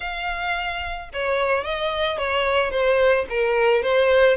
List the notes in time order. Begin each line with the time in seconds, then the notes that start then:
0.00 F5
1.13 C#5
1.63 D#5
2.17 C#5
2.70 C5
3.29 A#4
3.82 C5